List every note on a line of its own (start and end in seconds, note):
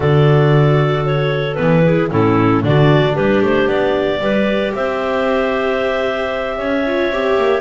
0.00 1.58 D3
0.00 1.57 F#4
0.00 1.83 A4
0.00 1.05 D5
1.06 1.54 C#5
1.54 2.11 E3
1.54 1.83 B3
1.54 2.07 B4
1.84 2.11 E4
1.84 2.09 G#4
2.09 2.63 A2
2.09 2.63 C#4
2.09 2.62 E4
2.09 2.64 A4
2.63 3.16 D3
2.63 4.19 D4
2.63 3.13 F#4
2.63 3.15 D5
3.13 3.41 G3
3.13 4.19 G4
3.13 3.42 B4
3.41 3.67 A3
3.41 3.68 C5
3.67 4.19 B3
3.67 4.73 D5
4.19 4.72 G3
4.19 6.83 G4
4.19 4.73 B4
4.74 6.57 C4
4.74 6.57 C5
4.74 7.61 E5
6.57 7.10 C#4
6.57 7.61 C#5
6.86 7.12 F4
7.10 7.36 C4
7.10 7.61 G4
7.37 7.61 A#3